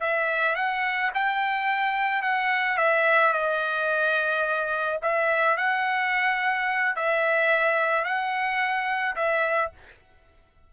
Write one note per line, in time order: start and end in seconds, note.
0.00 0.55 E5
0.55 1.11 F#5
1.14 2.22 G5
2.22 2.77 F#5
2.77 3.33 E5
3.33 4.99 D#5
5.02 5.57 E5
5.57 6.96 F#5
6.96 8.04 E5
8.04 9.15 F#5
9.16 9.71 E5